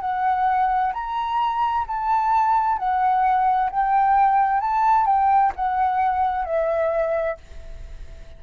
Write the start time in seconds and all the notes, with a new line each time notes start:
0.00 F#5
0.93 A#5
1.87 A5
2.78 F#5
3.70 G5
4.60 A5
5.06 G5
5.56 F#5
6.45 E5